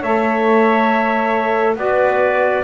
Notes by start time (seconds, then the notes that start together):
0.00 A3 A4 C#5 E5
1.76 B3 F#4 B4 D5